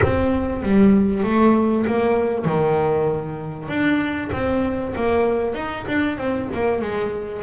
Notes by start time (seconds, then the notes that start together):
0.02 C4
0.62 G3
1.23 A3
1.86 A#3
2.44 D#3
3.68 D4
4.32 C4
4.95 A#3
5.54 D#4
5.87 D4
6.17 C4
6.54 A#3
6.81 G#3